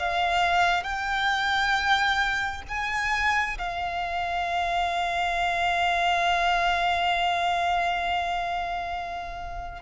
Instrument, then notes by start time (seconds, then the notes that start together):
violin
0.00 F5
0.84 G5
2.69 G#5
3.59 F5